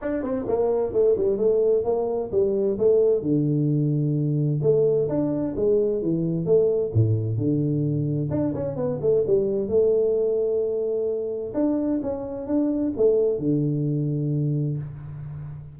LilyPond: \new Staff \with { instrumentName = "tuba" } { \time 4/4 \tempo 4 = 130 d'8 c'8 ais4 a8 g8 a4 | ais4 g4 a4 d4~ | d2 a4 d'4 | gis4 e4 a4 a,4 |
d2 d'8 cis'8 b8 a8 | g4 a2.~ | a4 d'4 cis'4 d'4 | a4 d2. | }